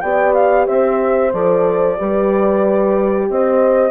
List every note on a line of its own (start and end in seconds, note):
0.00 0.68 B3
0.00 1.33 G4
0.00 0.67 D5
0.00 0.33 G5
0.33 0.66 F5
0.66 1.33 C4
0.66 1.97 C5
0.66 1.32 E5
1.33 1.98 F3
1.33 1.97 A4
1.33 3.28 D5
1.97 3.29 G3
1.97 3.90 G4
1.97 3.29 B4
3.29 3.90 C4
3.29 3.90 C5
3.29 3.90 D#5